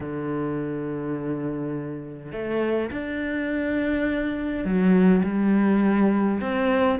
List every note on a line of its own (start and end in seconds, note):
0.00 2.32 D3
2.32 2.90 A3
2.91 4.64 D4
4.64 5.23 F#3
5.23 6.40 G3
6.41 6.99 C4